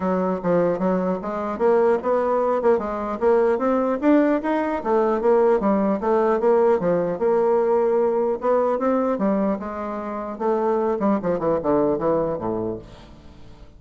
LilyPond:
\new Staff \with { instrumentName = "bassoon" } { \time 4/4 \tempo 4 = 150 fis4 f4 fis4 gis4 | ais4 b4. ais8 gis4 | ais4 c'4 d'4 dis'4 | a4 ais4 g4 a4 |
ais4 f4 ais2~ | ais4 b4 c'4 g4 | gis2 a4. g8 | f8 e8 d4 e4 a,4 | }